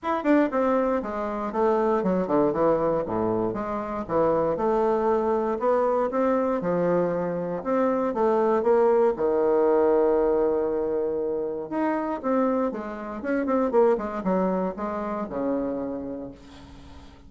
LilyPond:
\new Staff \with { instrumentName = "bassoon" } { \time 4/4 \tempo 4 = 118 e'8 d'8 c'4 gis4 a4 | fis8 d8 e4 a,4 gis4 | e4 a2 b4 | c'4 f2 c'4 |
a4 ais4 dis2~ | dis2. dis'4 | c'4 gis4 cis'8 c'8 ais8 gis8 | fis4 gis4 cis2 | }